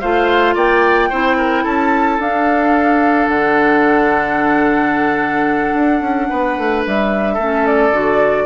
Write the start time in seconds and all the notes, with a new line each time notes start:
0.00 A3 F4 C5 F5
0.55 A#3 D5 G5
1.10 C4 E4 C5
1.37 A#4
1.64 C#4 A4 A5
2.19 D4 F5
3.29 D3 F#5
5.74 D4
6.01 C#4
6.30 B3 B4
6.58 A3
6.86 G3 E5
7.34 A3 A4
7.41 C#4
7.67 D5
7.92 D3 F#4